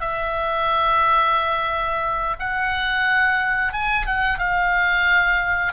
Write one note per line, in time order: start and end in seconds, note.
0.00 2.36 E5
2.39 3.73 F#5
3.73 4.06 G#5
4.06 4.39 F#5
4.39 5.73 F5